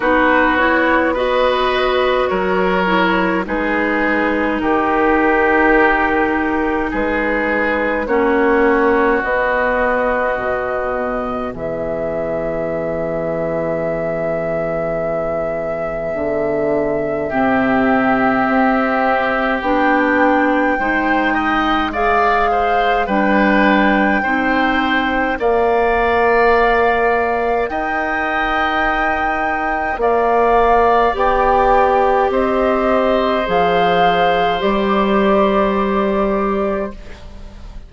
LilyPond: <<
  \new Staff \with { instrumentName = "flute" } { \time 4/4 \tempo 4 = 52 b'8 cis''8 dis''4 cis''4 b'4 | ais'2 b'4 cis''4 | dis''2 e''2~ | e''1~ |
e''4 g''2 f''4 | g''2 f''2 | g''2 f''4 g''4 | dis''4 f''4 d''2 | }
  \new Staff \with { instrumentName = "oboe" } { \time 4/4 fis'4 b'4 ais'4 gis'4 | g'2 gis'4 fis'4~ | fis'2 gis'2~ | gis'2. g'4~ |
g'2 c''8 dis''8 d''8 c''8 | b'4 c''4 d''2 | dis''2 d''2 | c''1 | }
  \new Staff \with { instrumentName = "clarinet" } { \time 4/4 dis'8 e'8 fis'4. e'8 dis'4~ | dis'2. cis'4 | b1~ | b2. c'4~ |
c'4 d'4 dis'4 gis'4 | d'4 dis'4 ais'2~ | ais'2. g'4~ | g'4 gis'4 g'2 | }
  \new Staff \with { instrumentName = "bassoon" } { \time 4/4 b2 fis4 gis4 | dis2 gis4 ais4 | b4 b,4 e2~ | e2 d4 c4 |
c'4 b4 gis2 | g4 c'4 ais2 | dis'2 ais4 b4 | c'4 f4 g2 | }
>>